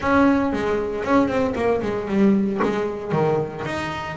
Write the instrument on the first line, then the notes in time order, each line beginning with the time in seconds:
double bass
0.00 C#4
0.52 G#3
1.04 C#4
1.28 C4
1.55 A#3
1.82 G#3
2.08 G3
2.63 G#3
3.12 D#3
3.65 D#4